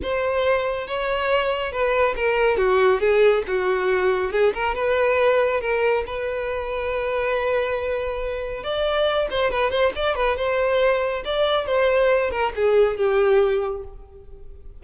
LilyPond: \new Staff \with { instrumentName = "violin" } { \time 4/4 \tempo 4 = 139 c''2 cis''2 | b'4 ais'4 fis'4 gis'4 | fis'2 gis'8 ais'8 b'4~ | b'4 ais'4 b'2~ |
b'1 | d''4. c''8 b'8 c''8 d''8 b'8 | c''2 d''4 c''4~ | c''8 ais'8 gis'4 g'2 | }